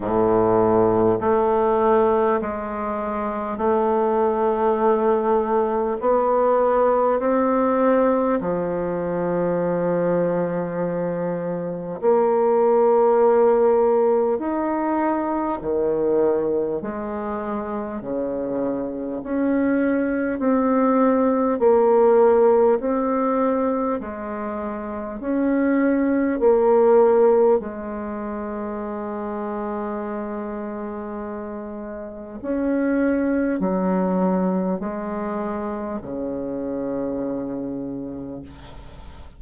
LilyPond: \new Staff \with { instrumentName = "bassoon" } { \time 4/4 \tempo 4 = 50 a,4 a4 gis4 a4~ | a4 b4 c'4 f4~ | f2 ais2 | dis'4 dis4 gis4 cis4 |
cis'4 c'4 ais4 c'4 | gis4 cis'4 ais4 gis4~ | gis2. cis'4 | fis4 gis4 cis2 | }